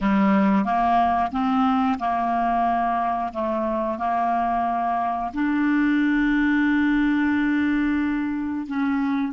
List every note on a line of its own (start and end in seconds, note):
0.00 0.64 G3
0.64 1.31 A#3
1.31 1.98 C4
1.98 3.32 A#3
3.33 3.98 A3
3.98 5.32 A#3
5.33 8.67 D4
8.67 9.33 C#4